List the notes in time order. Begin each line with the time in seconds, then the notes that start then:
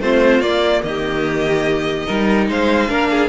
0.00 A3 C4 F4 C5
0.40 A#3 D5
0.83 D#3 G4 D#5
2.06 G3 D#4 A#4
2.49 G#3 C5 F5
2.88 A#3 D4 A#4
3.11 G#4